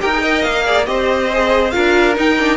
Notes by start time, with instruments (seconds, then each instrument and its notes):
0.00 cello D#4, viola G4, violin A#4 G5
0.13 viola G#4
0.22 viola A#4, violin D#5
0.42 cello A#3, violin F5
0.65 viola G#4, violin D5
0.85 cello C4, viola G4, violin C5 D#5
1.33 viola G#4
1.71 cello D4, viola F4, violin A#4 F5
2.15 viola D#4, cello D#4, violin G5
2.39 viola D4